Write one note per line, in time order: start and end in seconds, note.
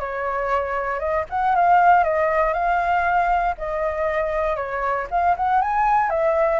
0.00 1.00 C#5
1.00 1.25 D#5
1.30 1.56 F#5
1.56 2.04 F5
2.04 2.54 D#5
2.54 3.55 F5
3.58 4.57 D#5
4.57 5.08 C#5
5.11 5.36 F5
5.37 5.62 F#5
5.62 6.10 G#5
6.10 6.60 E5